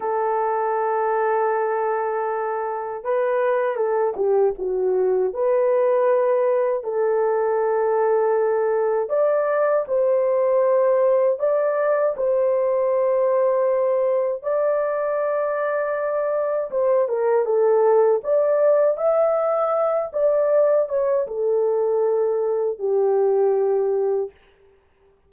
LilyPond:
\new Staff \with { instrumentName = "horn" } { \time 4/4 \tempo 4 = 79 a'1 | b'4 a'8 g'8 fis'4 b'4~ | b'4 a'2. | d''4 c''2 d''4 |
c''2. d''4~ | d''2 c''8 ais'8 a'4 | d''4 e''4. d''4 cis''8 | a'2 g'2 | }